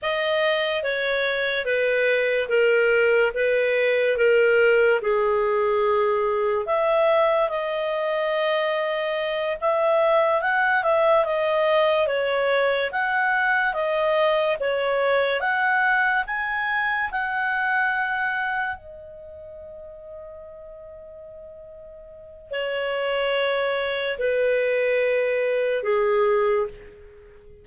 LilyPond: \new Staff \with { instrumentName = "clarinet" } { \time 4/4 \tempo 4 = 72 dis''4 cis''4 b'4 ais'4 | b'4 ais'4 gis'2 | e''4 dis''2~ dis''8 e''8~ | e''8 fis''8 e''8 dis''4 cis''4 fis''8~ |
fis''8 dis''4 cis''4 fis''4 gis''8~ | gis''8 fis''2 dis''4.~ | dis''2. cis''4~ | cis''4 b'2 gis'4 | }